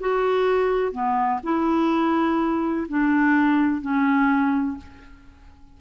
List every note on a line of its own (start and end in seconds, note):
0.00 0.92 F#4
0.92 1.40 B3
1.43 2.87 E4
2.89 3.81 D4
3.81 4.77 C#4